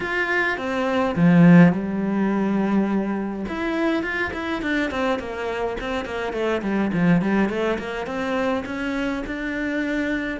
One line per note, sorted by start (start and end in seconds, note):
0.00 0.57 F4
0.57 1.15 C4
1.15 1.72 F3
1.72 3.45 G3
3.48 4.03 E4
4.03 4.31 F4
4.33 4.62 E4
4.62 4.90 D4
4.90 5.19 C4
5.19 5.76 A#3
5.80 6.05 C4
6.05 6.32 A#3
6.32 6.61 A3
6.62 6.91 G3
6.93 7.21 F3
7.21 7.49 G3
7.49 7.78 A3
7.79 8.06 A#3
8.06 8.64 C4
8.65 9.23 C#4
9.26 10.40 D4